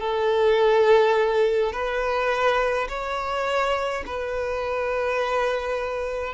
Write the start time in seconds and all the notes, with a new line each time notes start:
0.00 A4
1.72 B4
2.88 C#5
4.06 B4